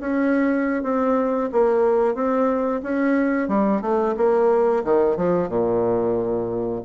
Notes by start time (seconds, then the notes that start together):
0.00 C#4
0.83 C4
1.52 A#3
2.15 C4
2.83 C#4
3.48 G3
3.82 A3
4.17 A#3
4.84 D#3
5.16 F3
5.48 A#2